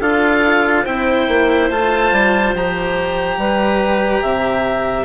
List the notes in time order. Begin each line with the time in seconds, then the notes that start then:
0.00 D4 F4 A4 F5
0.84 C4 E4 C5 G5
1.28 A#3
1.70 A3 F4 A5
2.12 G3
2.54 F3 G4 A#5
3.38 G3 B4
4.22 C3 E5